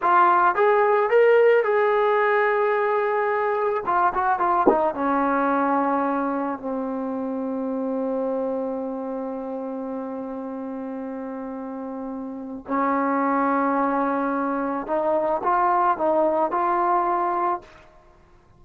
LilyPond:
\new Staff \with { instrumentName = "trombone" } { \time 4/4 \tempo 4 = 109 f'4 gis'4 ais'4 gis'4~ | gis'2. f'8 fis'8 | f'8 dis'8 cis'2. | c'1~ |
c'1~ | c'2. cis'4~ | cis'2. dis'4 | f'4 dis'4 f'2 | }